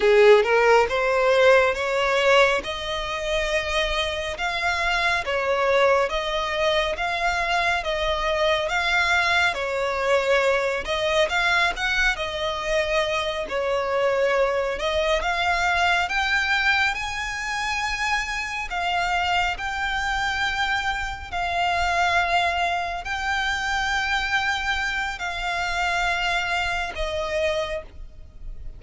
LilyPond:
\new Staff \with { instrumentName = "violin" } { \time 4/4 \tempo 4 = 69 gis'8 ais'8 c''4 cis''4 dis''4~ | dis''4 f''4 cis''4 dis''4 | f''4 dis''4 f''4 cis''4~ | cis''8 dis''8 f''8 fis''8 dis''4. cis''8~ |
cis''4 dis''8 f''4 g''4 gis''8~ | gis''4. f''4 g''4.~ | g''8 f''2 g''4.~ | g''4 f''2 dis''4 | }